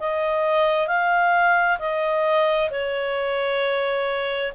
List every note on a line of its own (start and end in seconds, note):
0.00 0.88 D#5
0.88 1.79 F5
1.79 2.70 D#5
2.71 4.52 C#5